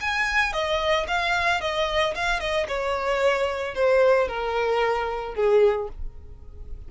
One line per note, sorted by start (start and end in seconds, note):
0.00 0.52 G#5
0.52 1.06 D#5
1.07 1.60 F5
1.60 2.14 D#5
2.14 2.39 F5
2.39 2.66 D#5
2.68 3.74 C#5
3.74 4.28 C5
4.28 5.34 A#4
5.34 5.88 G#4